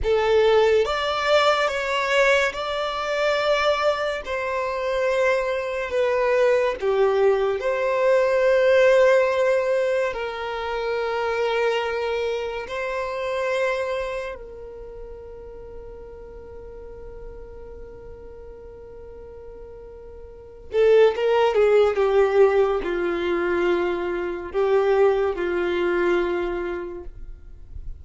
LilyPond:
\new Staff \with { instrumentName = "violin" } { \time 4/4 \tempo 4 = 71 a'4 d''4 cis''4 d''4~ | d''4 c''2 b'4 | g'4 c''2. | ais'2. c''4~ |
c''4 ais'2.~ | ais'1~ | ais'8 a'8 ais'8 gis'8 g'4 f'4~ | f'4 g'4 f'2 | }